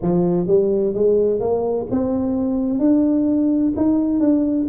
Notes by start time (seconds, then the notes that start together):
0.02 F3
0.47 G3
0.94 G#3
1.40 A#3
1.90 C4
2.79 D4
3.76 D#4
4.20 D4